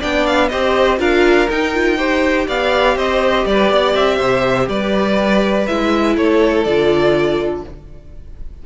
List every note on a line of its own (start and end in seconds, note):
0.00 0.53 B3
0.00 0.51 D4
0.00 0.49 D5
0.00 0.27 G5
0.27 0.49 F5
0.49 1.00 C4
0.49 0.99 G4
0.49 1.00 C5
0.49 0.98 D#5
0.99 1.49 D4
0.99 1.48 F4
0.99 1.98 A#4
0.99 1.50 F5
1.50 2.48 D#4
1.50 1.74 D#4
1.50 2.49 G5
1.74 1.99 F4
1.98 5.67 G4
1.98 2.47 C5
2.48 2.96 B3
2.48 2.97 D5
2.48 2.98 F5
2.96 3.45 C4
2.96 3.46 C5
2.96 3.47 D#5
3.47 3.71 G3
3.47 3.72 B4
3.47 3.95 D5
3.71 3.95 B3
3.71 4.17 D5
3.95 4.19 C4
3.95 4.69 E5
4.17 4.68 C3
4.17 4.66 C5
4.68 5.67 G3
4.68 6.16 B4
4.68 5.67 D5
5.67 6.17 G#3
5.67 6.67 E4
5.67 6.16 E5
6.16 6.66 A3
6.16 7.64 A4
6.16 6.64 C#5
6.64 7.65 D3
6.64 7.66 F4
6.64 7.63 D5